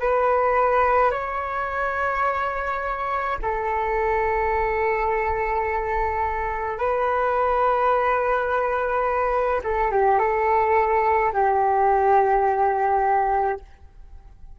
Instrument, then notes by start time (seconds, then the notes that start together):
flute
0.00 B4
1.11 C#5
3.42 A4
6.78 B4
9.64 A4
9.91 G4
10.19 A4
11.33 G4